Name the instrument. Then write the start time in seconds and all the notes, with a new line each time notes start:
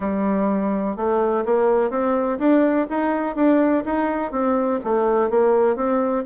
bassoon
0.00 G3
0.96 A3
1.45 A#3
1.90 C4
2.39 D4
2.89 D#4
3.35 D4
3.85 D#4
4.31 C4
4.84 A3
5.30 A#3
5.76 C4